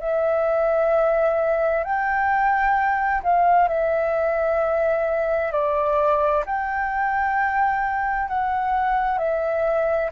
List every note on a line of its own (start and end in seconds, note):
0.00 1.84 E5
1.84 3.22 G5
3.23 3.68 F5
3.68 5.52 E5
5.52 6.44 D5
6.46 8.29 G5
8.29 9.18 F#5
9.18 10.11 E5